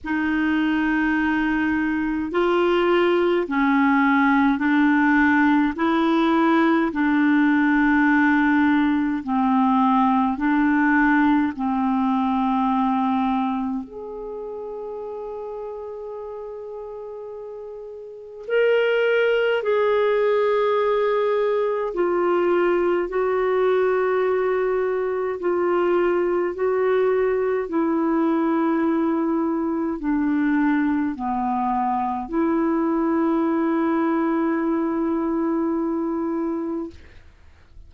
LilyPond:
\new Staff \with { instrumentName = "clarinet" } { \time 4/4 \tempo 4 = 52 dis'2 f'4 cis'4 | d'4 e'4 d'2 | c'4 d'4 c'2 | gis'1 |
ais'4 gis'2 f'4 | fis'2 f'4 fis'4 | e'2 d'4 b4 | e'1 | }